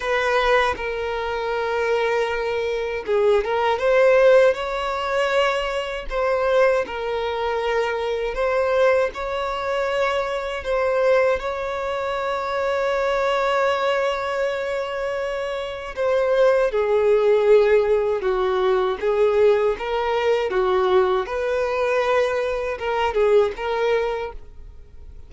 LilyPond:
\new Staff \with { instrumentName = "violin" } { \time 4/4 \tempo 4 = 79 b'4 ais'2. | gis'8 ais'8 c''4 cis''2 | c''4 ais'2 c''4 | cis''2 c''4 cis''4~ |
cis''1~ | cis''4 c''4 gis'2 | fis'4 gis'4 ais'4 fis'4 | b'2 ais'8 gis'8 ais'4 | }